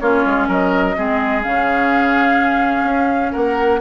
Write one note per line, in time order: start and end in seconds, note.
0.00 0.25 A#3
0.00 0.96 C#4
0.00 0.48 F4
0.00 0.48 C#5
0.26 0.48 G#3
0.48 0.96 F#3
0.48 0.96 A#4
0.48 1.43 D#5
0.96 1.46 G#3
0.96 1.43 C4
0.96 3.32 G#4
1.43 2.84 C#3
1.43 3.81 C#4
1.43 3.34 F5
2.84 3.32 C#4
3.32 3.82 A#3
3.32 3.80 A#4
3.32 3.81 F#5